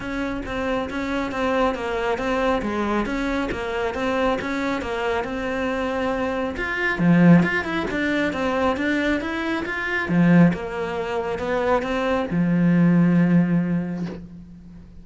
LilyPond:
\new Staff \with { instrumentName = "cello" } { \time 4/4 \tempo 4 = 137 cis'4 c'4 cis'4 c'4 | ais4 c'4 gis4 cis'4 | ais4 c'4 cis'4 ais4 | c'2. f'4 |
f4 f'8 e'8 d'4 c'4 | d'4 e'4 f'4 f4 | ais2 b4 c'4 | f1 | }